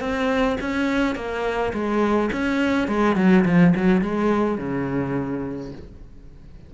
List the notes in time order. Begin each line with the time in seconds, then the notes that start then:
0.00 C4
0.61 C#4
1.15 A#3
1.73 G#3
2.32 C#4
2.88 G#3
3.16 F#3
3.45 F3
3.76 F#3
4.02 G#3
4.58 C#3